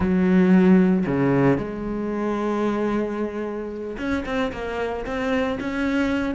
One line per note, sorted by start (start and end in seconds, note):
0.00 1.05 F#3
1.06 1.57 C#3
1.57 3.96 G#3
3.98 4.24 C#4
4.25 4.52 C4
4.52 5.05 A#3
5.05 5.58 C4
5.60 6.35 C#4